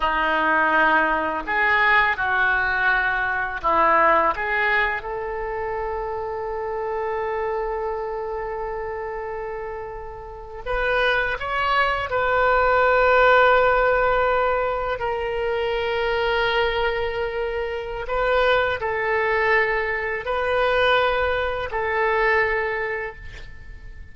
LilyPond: \new Staff \with { instrumentName = "oboe" } { \time 4/4 \tempo 4 = 83 dis'2 gis'4 fis'4~ | fis'4 e'4 gis'4 a'4~ | a'1~ | a'2~ a'8. b'4 cis''16~ |
cis''8. b'2.~ b'16~ | b'8. ais'2.~ ais'16~ | ais'4 b'4 a'2 | b'2 a'2 | }